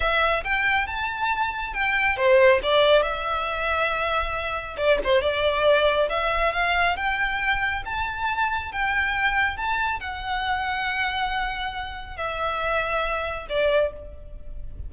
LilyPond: \new Staff \with { instrumentName = "violin" } { \time 4/4 \tempo 4 = 138 e''4 g''4 a''2 | g''4 c''4 d''4 e''4~ | e''2. d''8 c''8 | d''2 e''4 f''4 |
g''2 a''2 | g''2 a''4 fis''4~ | fis''1 | e''2. d''4 | }